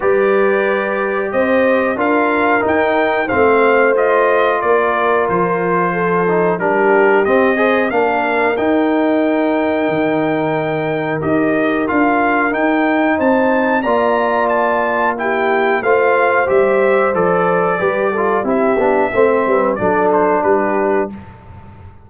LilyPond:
<<
  \new Staff \with { instrumentName = "trumpet" } { \time 4/4 \tempo 4 = 91 d''2 dis''4 f''4 | g''4 f''4 dis''4 d''4 | c''2 ais'4 dis''4 | f''4 g''2.~ |
g''4 dis''4 f''4 g''4 | a''4 ais''4 a''4 g''4 | f''4 e''4 d''2 | e''2 d''8 c''8 b'4 | }
  \new Staff \with { instrumentName = "horn" } { \time 4/4 b'2 c''4 ais'4~ | ais'4 c''2 ais'4~ | ais'4 a'4 g'4. c''8 | ais'1~ |
ais'1 | c''4 d''2 g'4 | c''2. b'8 a'8 | g'4 c''8 b'8 a'4 g'4 | }
  \new Staff \with { instrumentName = "trombone" } { \time 4/4 g'2. f'4 | dis'4 c'4 f'2~ | f'4. dis'8 d'4 c'8 gis'8 | d'4 dis'2.~ |
dis'4 g'4 f'4 dis'4~ | dis'4 f'2 e'4 | f'4 g'4 a'4 g'8 f'8 | e'8 d'8 c'4 d'2 | }
  \new Staff \with { instrumentName = "tuba" } { \time 4/4 g2 c'4 d'4 | dis'4 a2 ais4 | f2 g4 c'4 | ais4 dis'2 dis4~ |
dis4 dis'4 d'4 dis'4 | c'4 ais2. | a4 g4 f4 g4 | c'8 b8 a8 g8 fis4 g4 | }
>>